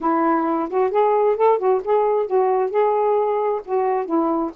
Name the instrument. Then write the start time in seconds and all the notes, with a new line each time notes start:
saxophone
0.00 E4
0.69 F#4
0.90 G#4
1.36 A4
1.58 F#4
1.84 G#4
2.26 F#4
2.70 G#4
3.65 F#4
4.05 E4